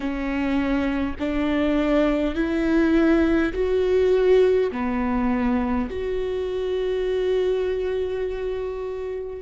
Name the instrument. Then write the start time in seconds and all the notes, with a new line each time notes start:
viola
0.00 C#4
1.19 D4
2.35 E4
3.53 F#4
4.71 B3
5.89 F#4